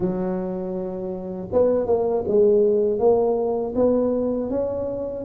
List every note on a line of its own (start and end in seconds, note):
0.00 1.48 F#3
1.52 1.86 B3
1.86 2.24 A#3
2.27 2.99 G#3
2.99 3.74 A#3
3.75 4.50 B3
4.50 5.24 C#4